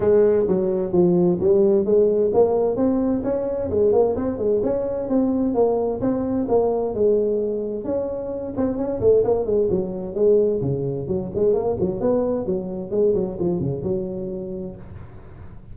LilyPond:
\new Staff \with { instrumentName = "tuba" } { \time 4/4 \tempo 4 = 130 gis4 fis4 f4 g4 | gis4 ais4 c'4 cis'4 | gis8 ais8 c'8 gis8 cis'4 c'4 | ais4 c'4 ais4 gis4~ |
gis4 cis'4. c'8 cis'8 a8 | ais8 gis8 fis4 gis4 cis4 | fis8 gis8 ais8 fis8 b4 fis4 | gis8 fis8 f8 cis8 fis2 | }